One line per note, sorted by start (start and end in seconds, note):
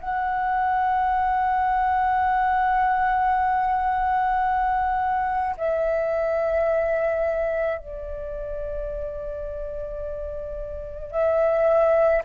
0.00 5.56 F#5
5.57 7.78 E5
7.78 11.11 D5
11.11 12.22 E5